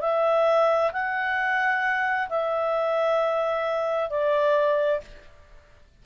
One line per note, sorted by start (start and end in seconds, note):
0.00 0.91 E5
0.92 2.28 F#5
2.29 4.10 E5
4.10 5.00 D5